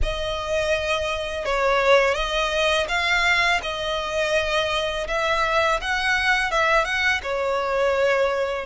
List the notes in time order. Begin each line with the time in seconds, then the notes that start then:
0.02 D#5
1.45 C#5
2.14 D#5
2.88 F5
3.62 D#5
5.07 E5
5.81 F#5
6.51 E5
6.84 F#5
7.22 C#5